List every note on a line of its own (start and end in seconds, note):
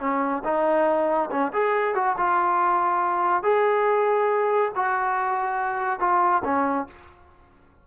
0.00 0.43 C#4
0.44 1.30 D#4
1.31 1.52 C#4
1.53 1.95 G#4
1.95 2.16 F#4
2.18 3.43 F4
3.43 4.72 G#4
4.76 6.00 F#4
6.00 6.43 F4
6.44 6.87 C#4